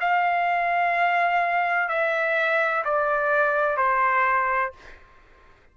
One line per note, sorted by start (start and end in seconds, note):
0.00 1.88 F5
1.88 2.84 E5
2.84 3.77 D5
3.77 4.72 C5